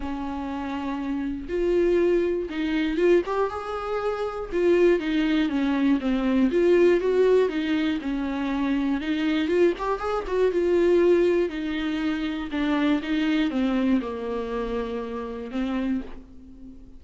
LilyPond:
\new Staff \with { instrumentName = "viola" } { \time 4/4 \tempo 4 = 120 cis'2. f'4~ | f'4 dis'4 f'8 g'8 gis'4~ | gis'4 f'4 dis'4 cis'4 | c'4 f'4 fis'4 dis'4 |
cis'2 dis'4 f'8 g'8 | gis'8 fis'8 f'2 dis'4~ | dis'4 d'4 dis'4 c'4 | ais2. c'4 | }